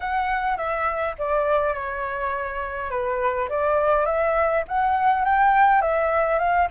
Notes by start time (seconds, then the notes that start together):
0.00 F#5
0.57 E5
1.18 D5
1.73 C#5
2.90 B4
3.49 D5
4.05 E5
4.68 F#5
5.24 G5
5.81 E5
6.38 F5